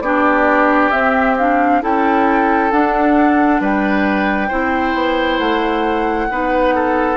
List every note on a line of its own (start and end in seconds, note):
0.00 0.90 B3
0.00 0.91 D4
0.00 1.82 G4
0.00 0.90 D5
0.90 1.36 C4
0.90 1.82 C4
0.90 1.35 E5
1.37 1.81 D4
1.37 1.82 F5
1.81 2.72 C#4
1.81 2.71 E4
1.81 3.61 A4
1.81 2.71 G5
2.71 4.50 D4
2.71 3.60 D4
2.71 3.61 F#5
3.60 4.50 G3
3.60 4.48 B4
3.60 5.38 G5
4.48 4.94 C4
4.48 6.29 E4
4.48 6.27 C5
4.94 5.38 B3
5.38 6.28 A3
5.38 7.16 F#5
6.30 7.16 B3
6.30 7.16 D#4
6.30 6.74 B4
6.74 7.16 A4